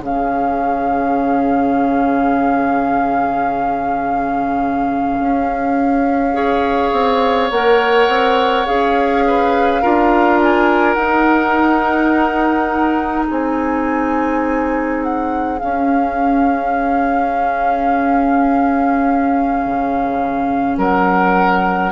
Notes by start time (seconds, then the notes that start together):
0.00 C#3 C#4 G#4 F5
5.20 C#4
6.34 G#4 C#5
6.93 C4
7.51 A#3 A#4 F#5
8.08 C4
8.66 C#4 G#4 F5
9.27 B4
9.82 D4 F4 A#4
10.42 G#5
10.94 D#4 F#5
13.27 C4 G#4 G#5
15.03 F#5
15.59 C#4 F5
19.66 C#3
20.77 F#3 A#4 F#5